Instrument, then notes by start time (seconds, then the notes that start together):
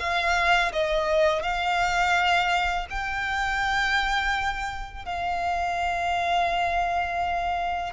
violin
0.00 F5
0.73 D#5
1.43 F5
2.90 G5
5.05 F5